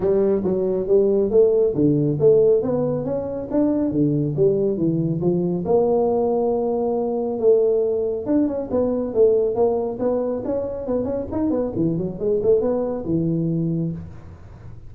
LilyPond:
\new Staff \with { instrumentName = "tuba" } { \time 4/4 \tempo 4 = 138 g4 fis4 g4 a4 | d4 a4 b4 cis'4 | d'4 d4 g4 e4 | f4 ais2.~ |
ais4 a2 d'8 cis'8 | b4 a4 ais4 b4 | cis'4 b8 cis'8 dis'8 b8 e8 fis8 | gis8 a8 b4 e2 | }